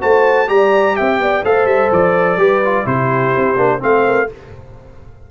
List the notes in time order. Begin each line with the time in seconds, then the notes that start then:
0.00 A3 F#4 C5 A5
0.47 G3 G4 D5 A#5
0.96 C4 E5 G5
1.19 B3 D5
1.44 A3 A4 C5 F5
1.64 G3 E5
1.91 F3 D5
2.36 G3 G4 B4
2.64 F4
2.84 C3 E4 G4 C5
3.35 C4
3.56 A#3 D4
3.79 A3 C4 C5 F5
4.05 A#4